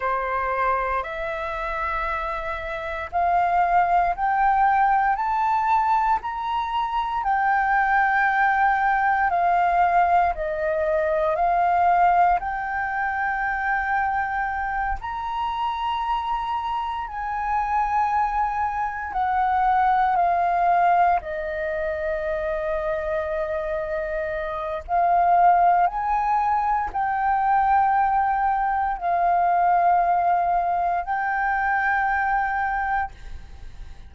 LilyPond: \new Staff \with { instrumentName = "flute" } { \time 4/4 \tempo 4 = 58 c''4 e''2 f''4 | g''4 a''4 ais''4 g''4~ | g''4 f''4 dis''4 f''4 | g''2~ g''8 ais''4.~ |
ais''8 gis''2 fis''4 f''8~ | f''8 dis''2.~ dis''8 | f''4 gis''4 g''2 | f''2 g''2 | }